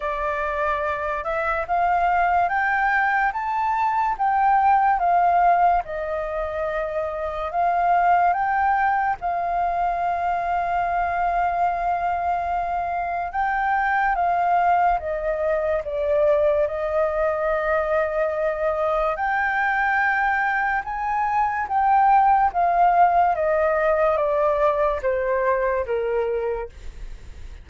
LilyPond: \new Staff \with { instrumentName = "flute" } { \time 4/4 \tempo 4 = 72 d''4. e''8 f''4 g''4 | a''4 g''4 f''4 dis''4~ | dis''4 f''4 g''4 f''4~ | f''1 |
g''4 f''4 dis''4 d''4 | dis''2. g''4~ | g''4 gis''4 g''4 f''4 | dis''4 d''4 c''4 ais'4 | }